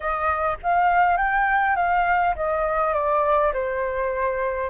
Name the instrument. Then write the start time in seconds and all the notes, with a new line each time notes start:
flute
0.00 D#5
0.63 F5
1.17 G5
1.76 F5
2.35 D#5
2.93 D5
3.53 C5